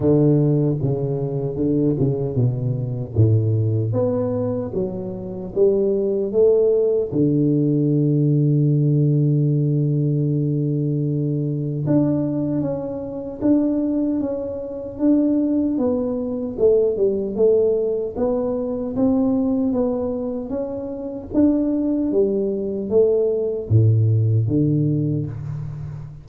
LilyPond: \new Staff \with { instrumentName = "tuba" } { \time 4/4 \tempo 4 = 76 d4 cis4 d8 cis8 b,4 | a,4 b4 fis4 g4 | a4 d2.~ | d2. d'4 |
cis'4 d'4 cis'4 d'4 | b4 a8 g8 a4 b4 | c'4 b4 cis'4 d'4 | g4 a4 a,4 d4 | }